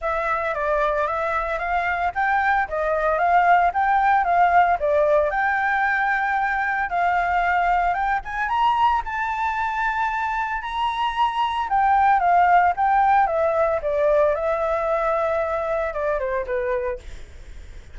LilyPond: \new Staff \with { instrumentName = "flute" } { \time 4/4 \tempo 4 = 113 e''4 d''4 e''4 f''4 | g''4 dis''4 f''4 g''4 | f''4 d''4 g''2~ | g''4 f''2 g''8 gis''8 |
ais''4 a''2. | ais''2 g''4 f''4 | g''4 e''4 d''4 e''4~ | e''2 d''8 c''8 b'4 | }